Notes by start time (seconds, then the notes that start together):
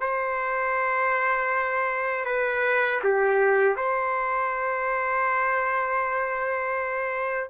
0.00 C5
2.25 B4
3.03 G4
3.76 C5